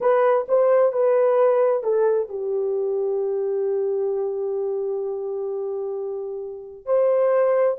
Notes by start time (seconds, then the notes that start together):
0.00 B4
0.48 C5
0.92 B4
1.83 A4
2.28 G4
6.85 C5